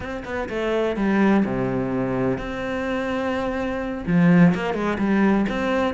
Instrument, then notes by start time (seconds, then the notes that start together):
cello
0.00 C4
0.24 B3
0.49 A3
0.96 G3
1.45 C3
2.37 C4
4.06 F3
4.54 A#3
4.74 G#3
4.98 G3
5.49 C4